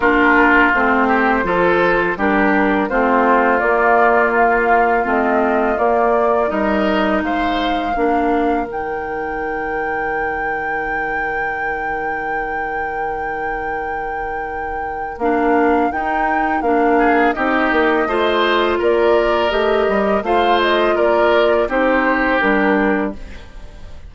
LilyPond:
<<
  \new Staff \with { instrumentName = "flute" } { \time 4/4 \tempo 4 = 83 ais'4 c''2 ais'4 | c''4 d''4 f''4 dis''4 | d''4 dis''4 f''2 | g''1~ |
g''1~ | g''4 f''4 g''4 f''4 | dis''2 d''4 dis''4 | f''8 dis''8 d''4 c''4 ais'4 | }
  \new Staff \with { instrumentName = "oboe" } { \time 4/4 f'4. g'8 a'4 g'4 | f'1~ | f'4 ais'4 c''4 ais'4~ | ais'1~ |
ais'1~ | ais'2.~ ais'8 gis'8 | g'4 c''4 ais'2 | c''4 ais'4 g'2 | }
  \new Staff \with { instrumentName = "clarinet" } { \time 4/4 d'4 c'4 f'4 d'4 | c'4 ais2 c'4 | ais4 dis'2 d'4 | dis'1~ |
dis'1~ | dis'4 d'4 dis'4 d'4 | dis'4 f'2 g'4 | f'2 dis'4 d'4 | }
  \new Staff \with { instrumentName = "bassoon" } { \time 4/4 ais4 a4 f4 g4 | a4 ais2 a4 | ais4 g4 gis4 ais4 | dis1~ |
dis1~ | dis4 ais4 dis'4 ais4 | c'8 ais8 a4 ais4 a8 g8 | a4 ais4 c'4 g4 | }
>>